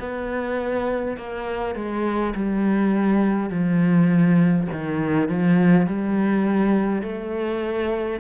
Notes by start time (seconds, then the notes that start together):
0.00 B3
1.17 A#3
1.76 G#3
2.35 G3
3.50 F3
4.73 D#3
5.29 F3
5.87 G3
7.03 A3